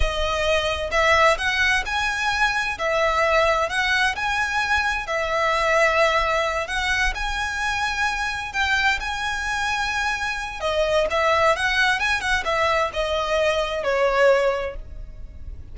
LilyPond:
\new Staff \with { instrumentName = "violin" } { \time 4/4 \tempo 4 = 130 dis''2 e''4 fis''4 | gis''2 e''2 | fis''4 gis''2 e''4~ | e''2~ e''8 fis''4 gis''8~ |
gis''2~ gis''8 g''4 gis''8~ | gis''2. dis''4 | e''4 fis''4 gis''8 fis''8 e''4 | dis''2 cis''2 | }